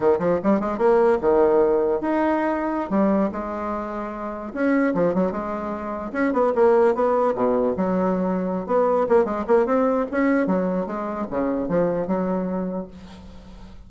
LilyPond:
\new Staff \with { instrumentName = "bassoon" } { \time 4/4 \tempo 4 = 149 dis8 f8 g8 gis8 ais4 dis4~ | dis4 dis'2~ dis'16 g8.~ | g16 gis2. cis'8.~ | cis'16 f8 fis8 gis2 cis'8 b16~ |
b16 ais4 b4 b,4 fis8.~ | fis4. b4 ais8 gis8 ais8 | c'4 cis'4 fis4 gis4 | cis4 f4 fis2 | }